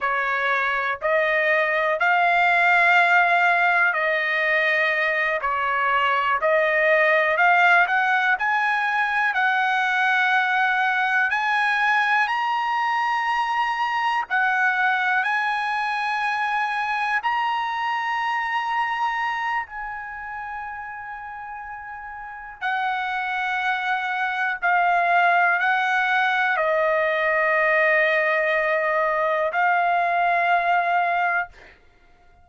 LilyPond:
\new Staff \with { instrumentName = "trumpet" } { \time 4/4 \tempo 4 = 61 cis''4 dis''4 f''2 | dis''4. cis''4 dis''4 f''8 | fis''8 gis''4 fis''2 gis''8~ | gis''8 ais''2 fis''4 gis''8~ |
gis''4. ais''2~ ais''8 | gis''2. fis''4~ | fis''4 f''4 fis''4 dis''4~ | dis''2 f''2 | }